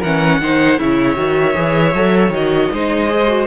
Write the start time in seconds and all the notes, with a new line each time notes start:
0.00 E3 C#4 A#4 F#5
0.40 D#3 D#4 C5
0.78 C#3 E4 C#5 E5
1.16 D#3 F#4
1.55 E3 G#4
1.95 F#3 A4
2.30 D#3 F#4 D#5
2.73 G#3 D#4 C5
3.10 G#4
3.28 F#4